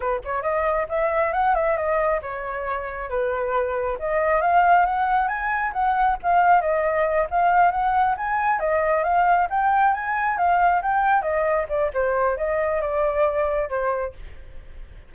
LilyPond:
\new Staff \with { instrumentName = "flute" } { \time 4/4 \tempo 4 = 136 b'8 cis''8 dis''4 e''4 fis''8 e''8 | dis''4 cis''2 b'4~ | b'4 dis''4 f''4 fis''4 | gis''4 fis''4 f''4 dis''4~ |
dis''8 f''4 fis''4 gis''4 dis''8~ | dis''8 f''4 g''4 gis''4 f''8~ | f''8 g''4 dis''4 d''8 c''4 | dis''4 d''2 c''4 | }